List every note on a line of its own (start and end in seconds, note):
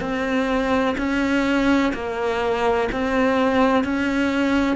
0.00 0.95 C4
0.97 1.93 C#4
1.94 2.89 A#3
2.92 3.84 C4
3.84 4.76 C#4